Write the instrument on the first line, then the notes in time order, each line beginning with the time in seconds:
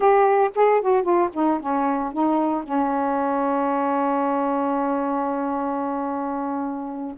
saxophone
0.00 G4
0.55 G#4
0.81 F#4
1.02 F4
1.33 D#4
1.60 C#4
2.12 D#4
2.63 C#4